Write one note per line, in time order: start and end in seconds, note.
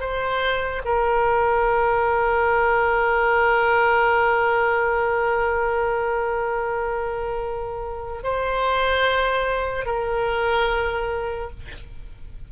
0.00 0.82 C5
0.85 8.23 A#4
8.23 9.86 C5
9.86 11.50 A#4